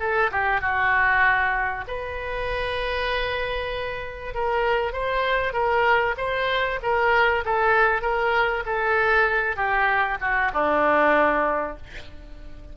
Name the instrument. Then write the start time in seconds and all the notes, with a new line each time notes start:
oboe
0.00 A4
0.32 G4
0.62 F#4
1.88 B4
4.35 A#4
4.93 C5
5.54 A#4
6.18 C5
6.83 A#4
7.46 A4
8.02 A#4
8.66 A4
9.57 G4
10.21 F#4
10.54 D4